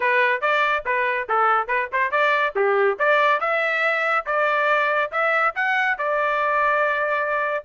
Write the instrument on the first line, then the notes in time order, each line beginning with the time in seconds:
trumpet
0.00 B4
0.41 D5
0.85 B4
1.29 A4
1.67 B4
1.92 C5
2.11 D5
2.55 G4
2.98 D5
3.40 E5
4.26 D5
5.11 E5
5.55 F#5
5.97 D5